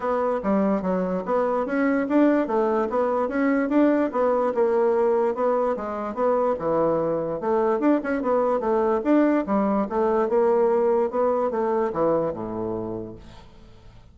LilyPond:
\new Staff \with { instrumentName = "bassoon" } { \time 4/4 \tempo 4 = 146 b4 g4 fis4 b4 | cis'4 d'4 a4 b4 | cis'4 d'4 b4 ais4~ | ais4 b4 gis4 b4 |
e2 a4 d'8 cis'8 | b4 a4 d'4 g4 | a4 ais2 b4 | a4 e4 a,2 | }